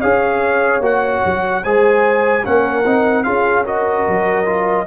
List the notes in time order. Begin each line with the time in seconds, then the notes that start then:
0.00 C#4 G#4 C#5 F5
0.80 A#3 F#4 F#5
1.25 F#3
1.62 G#3 G#4 C5 G#5
2.44 A#3 C#4 A#4 F#5
2.85 C4 D#4
3.23 C#4 F4 G#4 F5
3.64 F#4 A#4 D#5
4.07 F#3
4.45 F4